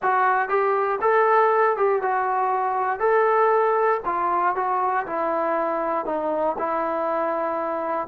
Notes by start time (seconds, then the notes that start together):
0.02 F#4
0.48 G4
1.01 A4
1.76 G4
2.02 F#4
2.99 A4
4.05 F4
4.55 F#4
5.06 E4
6.05 D#4
6.58 E4